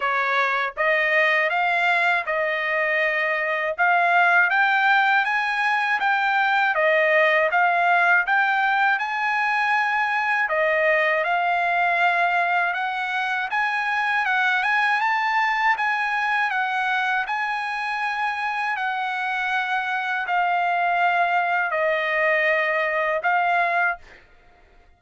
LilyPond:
\new Staff \with { instrumentName = "trumpet" } { \time 4/4 \tempo 4 = 80 cis''4 dis''4 f''4 dis''4~ | dis''4 f''4 g''4 gis''4 | g''4 dis''4 f''4 g''4 | gis''2 dis''4 f''4~ |
f''4 fis''4 gis''4 fis''8 gis''8 | a''4 gis''4 fis''4 gis''4~ | gis''4 fis''2 f''4~ | f''4 dis''2 f''4 | }